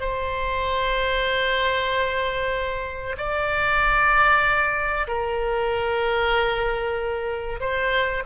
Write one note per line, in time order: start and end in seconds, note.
0.00 3.16 C5
3.17 5.06 D5
5.07 7.59 A#4
7.60 8.23 C5